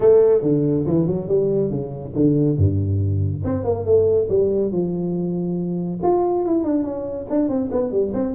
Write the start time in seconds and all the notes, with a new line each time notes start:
0.00 A3
0.41 D3
0.86 E3
1.07 F#3
1.28 G3
1.70 C#3
2.15 D3
2.57 G2
3.44 C4
3.64 A#3
3.85 A3
4.29 G3
4.71 F3
6.02 F4
6.45 E4
6.64 D4
6.83 C#4
7.29 D4
7.48 C4
7.71 B3
7.91 G3
8.13 C4